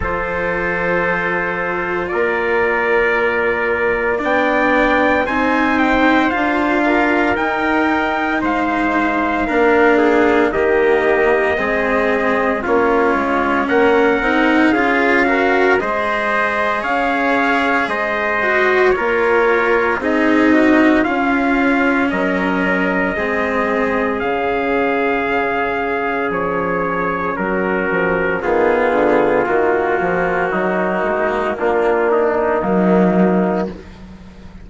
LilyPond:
<<
  \new Staff \with { instrumentName = "trumpet" } { \time 4/4 \tempo 4 = 57 c''2 d''2 | g''4 gis''8 g''8 f''4 g''4 | f''2 dis''2 | cis''4 fis''4 f''4 dis''4 |
f''4 dis''4 cis''4 dis''4 | f''4 dis''2 f''4~ | f''4 cis''4 ais'4 gis'4 | fis'2 f'8 dis'4. | }
  \new Staff \with { instrumentName = "trumpet" } { \time 4/4 a'2 ais'2 | d''4 c''4. ais'4. | c''4 ais'8 gis'8 g'4 gis'4 | f'4 ais'4 gis'8 ais'8 c''4 |
cis''4 c''4 ais'4 gis'8 fis'8 | f'4 ais'4 gis'2~ | gis'2 fis'4 f'4~ | f'4 dis'4 d'4 ais4 | }
  \new Staff \with { instrumentName = "cello" } { \time 4/4 f'1 | d'4 dis'4 f'4 dis'4~ | dis'4 d'4 ais4 c'4 | cis'4. dis'8 f'8 fis'8 gis'4~ |
gis'4. fis'8 f'4 dis'4 | cis'2 c'4 cis'4~ | cis'2. b4 | ais2. fis4 | }
  \new Staff \with { instrumentName = "bassoon" } { \time 4/4 f2 ais2 | b4 c'4 d'4 dis'4 | gis4 ais4 dis4 gis4 | ais8 gis8 ais8 c'8 cis'4 gis4 |
cis'4 gis4 ais4 c'4 | cis'4 fis4 gis4 cis4~ | cis4 f4 fis8 f8 dis8 d8 | dis8 f8 fis8 gis8 ais4 dis4 | }
>>